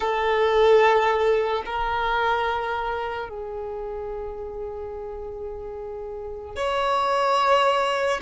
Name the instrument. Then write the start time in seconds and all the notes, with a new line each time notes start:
violin
0.00 A4
1.65 A#4
3.29 G#4
6.55 C#5